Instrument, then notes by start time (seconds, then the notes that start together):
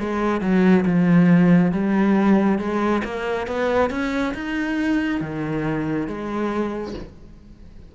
cello
0.00 G#3
0.42 F#3
0.86 F3
1.72 G3
2.59 G#3
3.05 A#3
3.47 B3
3.91 C#4
4.35 D#4
5.21 D#3
6.08 G#3